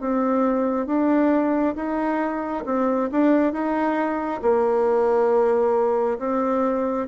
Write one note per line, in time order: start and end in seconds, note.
0.00 0.86 C4
0.86 1.74 D4
1.75 2.64 D#4
2.65 3.09 C4
3.11 3.52 D4
3.52 4.40 D#4
4.42 6.18 A#3
6.18 7.07 C4